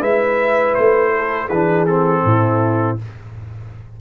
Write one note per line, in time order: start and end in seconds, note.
0.00 0.75 G#3
0.00 1.48 E4
0.00 1.12 B4
0.00 0.74 E5
0.74 1.50 A3
0.74 1.48 C5
1.16 1.47 A4
1.47 2.24 E3
1.47 1.87 D4
1.47 2.21 G#4
1.47 1.85 B4
1.86 2.98 C4
1.86 2.97 A4
2.24 2.98 A2
2.24 3.00 E4